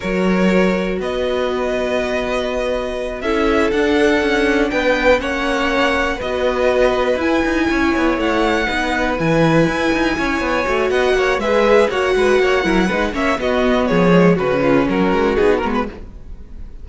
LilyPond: <<
  \new Staff \with { instrumentName = "violin" } { \time 4/4 \tempo 4 = 121 cis''2 dis''2~ | dis''2~ dis''8 e''4 fis''8~ | fis''4. g''4 fis''4.~ | fis''8 dis''2 gis''4.~ |
gis''8 fis''2 gis''4.~ | gis''2 fis''4 e''4 | fis''2~ fis''8 e''8 dis''4 | cis''4 b'4 ais'4 gis'8 ais'16 b'16 | }
  \new Staff \with { instrumentName = "violin" } { \time 4/4 ais'2 b'2~ | b'2~ b'8 a'4.~ | a'4. b'4 cis''4.~ | cis''8 b'2. cis''8~ |
cis''4. b'2~ b'8~ | b'8 cis''4. dis''8 cis''8 b'4 | cis''8 b'8 cis''8 ais'8 b'8 cis''8 fis'4 | gis'4 fis'8 f'8 fis'2 | }
  \new Staff \with { instrumentName = "viola" } { \time 4/4 fis'1~ | fis'2~ fis'8 e'4 d'8~ | d'2~ d'8 cis'4.~ | cis'8 fis'2 e'4.~ |
e'4. dis'4 e'4.~ | e'4. fis'4. gis'4 | fis'4. e'8 dis'8 cis'8 b4~ | b8 gis8 cis'2 dis'8 b8 | }
  \new Staff \with { instrumentName = "cello" } { \time 4/4 fis2 b2~ | b2~ b8 cis'4 d'8~ | d'8 cis'4 b4 ais4.~ | ais8 b2 e'8 dis'8 cis'8 |
b8 a4 b4 e4 e'8 | dis'8 cis'8 b8 a8 b8 ais8 gis4 | ais8 gis8 ais8 fis8 gis8 ais8 b4 | f4 cis4 fis8 gis8 b8 gis8 | }
>>